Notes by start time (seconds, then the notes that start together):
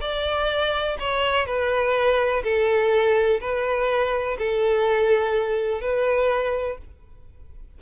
0.00 D5
0.99 C#5
1.46 B4
2.43 A4
3.40 B4
4.38 A4
5.81 B4